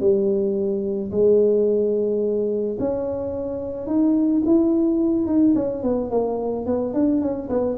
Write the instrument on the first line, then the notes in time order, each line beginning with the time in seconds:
tuba
0.00 G3
1.11 G#3
2.79 C#4
3.87 D#4
4.45 E4
5.26 D#4
5.55 C#4
5.83 B3
6.10 A#3
6.66 B3
6.93 D4
7.21 C#4
7.49 B3